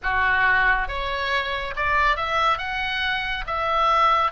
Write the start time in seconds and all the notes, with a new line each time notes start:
0.02 F#4
0.88 C#5
1.75 D5
2.16 E5
2.58 F#5
3.46 E5